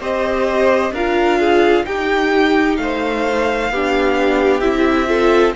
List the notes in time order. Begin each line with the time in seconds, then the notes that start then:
0.00 C4 G4 C5 D#5
0.91 D4 F4 A#4 F5
1.39 G#4
1.85 D#4 G4 G5
2.76 A3 C5 F5
3.70 B3 D4 G4
4.60 C4 E4 E5
5.07 F4 A4